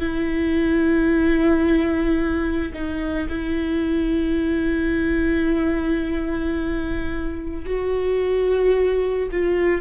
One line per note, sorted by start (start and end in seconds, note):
0.00 2.73 E4
2.74 3.28 D#4
3.29 7.66 E4
7.66 9.29 F#4
9.32 9.81 F4